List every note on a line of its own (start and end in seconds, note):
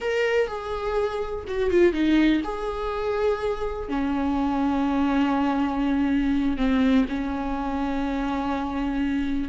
0.00 0.47 A#4
0.47 1.45 G#4
1.47 1.70 F#4
1.70 1.92 F4
1.92 2.41 D#4
2.44 3.88 G#4
3.88 6.57 C#4
6.57 7.05 C4
7.08 9.49 C#4